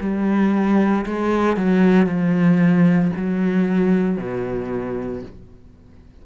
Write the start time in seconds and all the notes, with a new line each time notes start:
0.00 G3
1.06 G#3
1.56 F#3
2.06 F3
3.16 F#3
4.18 B2